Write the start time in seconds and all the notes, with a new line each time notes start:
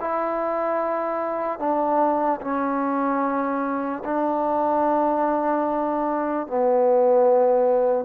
0.00 E4
1.59 D4
2.41 C#4
4.04 D4
6.47 B3